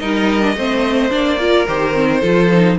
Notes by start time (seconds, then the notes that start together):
0.00 G3 D#4 A#4 D#5
0.42 D4
0.56 A3 C4 C5
1.11 A#3 D4 D5
1.40 F4 A#4
1.68 D#3 G4 C5
1.94 C4
2.21 F3 F4 A4
2.53 D#4